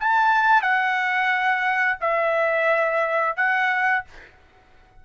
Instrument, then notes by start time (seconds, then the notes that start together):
trumpet
0.00 A5
0.62 F#5
2.01 E5
3.37 F#5